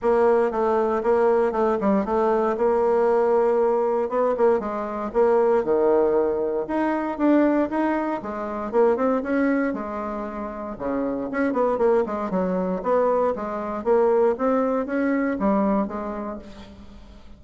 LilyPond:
\new Staff \with { instrumentName = "bassoon" } { \time 4/4 \tempo 4 = 117 ais4 a4 ais4 a8 g8 | a4 ais2. | b8 ais8 gis4 ais4 dis4~ | dis4 dis'4 d'4 dis'4 |
gis4 ais8 c'8 cis'4 gis4~ | gis4 cis4 cis'8 b8 ais8 gis8 | fis4 b4 gis4 ais4 | c'4 cis'4 g4 gis4 | }